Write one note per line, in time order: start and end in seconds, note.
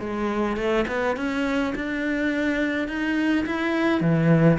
0.00 0.57 G#3
0.57 0.86 A3
0.88 1.17 B3
1.17 1.74 C#4
1.76 2.89 D4
2.89 3.46 D#4
3.47 4.01 E4
4.01 4.58 E3